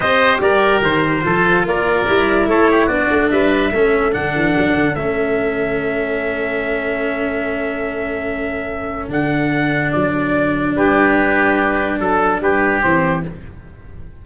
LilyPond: <<
  \new Staff \with { instrumentName = "trumpet" } { \time 4/4 \tempo 4 = 145 dis''4 d''4 c''2 | d''2 cis''4 d''4 | e''2 fis''2 | e''1~ |
e''1~ | e''2 fis''2 | d''2 b'2~ | b'4 a'4 b'4 c''4 | }
  \new Staff \with { instrumentName = "oboe" } { \time 4/4 c''4 ais'2 a'4 | ais'2 a'8 g'8 fis'4 | b'4 a'2.~ | a'1~ |
a'1~ | a'1~ | a'2 g'2~ | g'4 a'4 g'2 | }
  \new Staff \with { instrumentName = "cello" } { \time 4/4 g'2. f'4~ | f'4 e'2 d'4~ | d'4 cis'4 d'2 | cis'1~ |
cis'1~ | cis'2 d'2~ | d'1~ | d'2. c'4 | }
  \new Staff \with { instrumentName = "tuba" } { \time 4/4 c'4 g4 dis4 f4 | ais4 g4 a4 b8 a8 | g4 a4 d8 e8 fis8 d8 | a1~ |
a1~ | a2 d2 | fis2 g2~ | g4 fis4 g4 e4 | }
>>